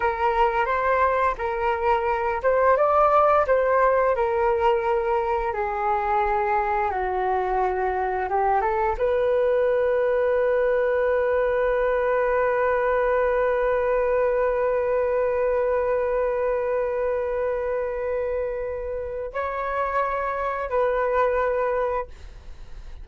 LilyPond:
\new Staff \with { instrumentName = "flute" } { \time 4/4 \tempo 4 = 87 ais'4 c''4 ais'4. c''8 | d''4 c''4 ais'2 | gis'2 fis'2 | g'8 a'8 b'2.~ |
b'1~ | b'1~ | b'1 | cis''2 b'2 | }